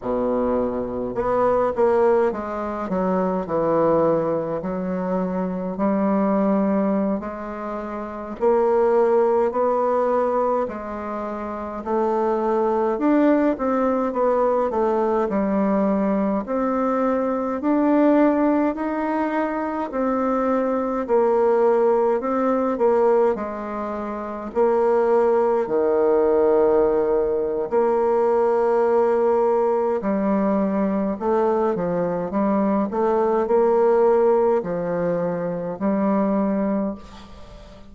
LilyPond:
\new Staff \with { instrumentName = "bassoon" } { \time 4/4 \tempo 4 = 52 b,4 b8 ais8 gis8 fis8 e4 | fis4 g4~ g16 gis4 ais8.~ | ais16 b4 gis4 a4 d'8 c'16~ | c'16 b8 a8 g4 c'4 d'8.~ |
d'16 dis'4 c'4 ais4 c'8 ais16~ | ais16 gis4 ais4 dis4.~ dis16 | ais2 g4 a8 f8 | g8 a8 ais4 f4 g4 | }